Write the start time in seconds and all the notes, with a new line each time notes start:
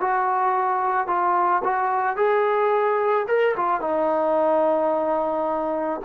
0.00 F#4
1.07 F4
1.64 F#4
2.16 G#4
3.28 A#4
3.56 F4
3.80 D#4